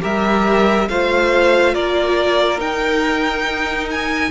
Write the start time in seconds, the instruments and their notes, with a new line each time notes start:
0.00 cello G3, viola G4, violin A#4 E5
0.88 cello A3, viola F4, violin C5 F5
1.74 cello A#3, violin A#4 D5
2.57 viola D#4, cello D#4, violin G5
3.91 violin G#5